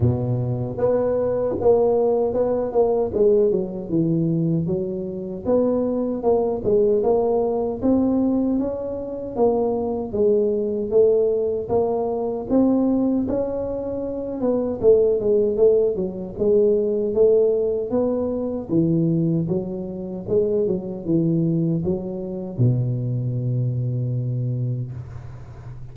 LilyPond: \new Staff \with { instrumentName = "tuba" } { \time 4/4 \tempo 4 = 77 b,4 b4 ais4 b8 ais8 | gis8 fis8 e4 fis4 b4 | ais8 gis8 ais4 c'4 cis'4 | ais4 gis4 a4 ais4 |
c'4 cis'4. b8 a8 gis8 | a8 fis8 gis4 a4 b4 | e4 fis4 gis8 fis8 e4 | fis4 b,2. | }